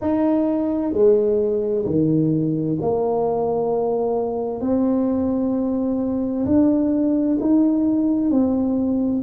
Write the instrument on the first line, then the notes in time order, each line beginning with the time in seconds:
tuba
0.01 D#4
0.92 G#3
1.85 D#3
2.81 A#3
4.60 C4
6.45 D4
7.40 D#4
8.31 C4